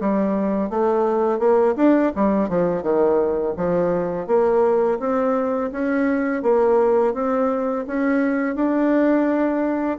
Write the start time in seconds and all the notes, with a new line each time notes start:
0.00 G3
0.70 A3
1.39 A#3
1.76 D4
2.15 G3
2.49 F3
2.83 D#3
3.57 F3
4.27 A#3
4.99 C4
5.71 C#4
6.43 A#3
7.14 C4
7.87 C#4
8.55 D4